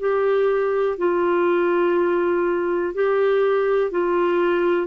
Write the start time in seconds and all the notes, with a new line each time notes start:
0.00 G4
0.98 F4
2.95 G4
3.91 F4